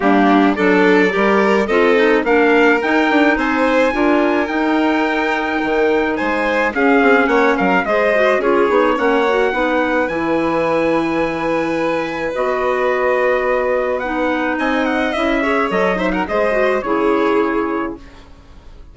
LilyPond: <<
  \new Staff \with { instrumentName = "trumpet" } { \time 4/4 \tempo 4 = 107 g'4 d''2 dis''4 | f''4 g''4 gis''2 | g''2. gis''4 | f''4 fis''8 f''8 dis''4 cis''4 |
fis''2 gis''2~ | gis''2 dis''2~ | dis''4 fis''4 gis''8 fis''8 e''4 | dis''8 e''16 fis''16 dis''4 cis''2 | }
  \new Staff \with { instrumentName = "violin" } { \time 4/4 d'4 a'4 ais'4 a'4 | ais'2 c''4 ais'4~ | ais'2. c''4 | gis'4 cis''8 ais'8 c''4 gis'4 |
cis''4 b'2.~ | b'1~ | b'2 dis''4. cis''8~ | cis''8 c''16 ais'16 c''4 gis'2 | }
  \new Staff \with { instrumentName = "clarinet" } { \time 4/4 ais4 d'4 g'4 f'8 dis'8 | d'4 dis'2 f'4 | dis'1 | cis'2 gis'8 fis'8 f'8 dis'8 |
cis'8 fis'8 dis'4 e'2~ | e'2 fis'2~ | fis'4 dis'2 e'8 gis'8 | a'8 dis'8 gis'8 fis'8 e'2 | }
  \new Staff \with { instrumentName = "bassoon" } { \time 4/4 g4 fis4 g4 c'4 | ais4 dis'8 d'8 c'4 d'4 | dis'2 dis4 gis4 | cis'8 c'8 ais8 fis8 gis4 cis'8 b8 |
ais4 b4 e2~ | e2 b2~ | b2 c'4 cis'4 | fis4 gis4 cis2 | }
>>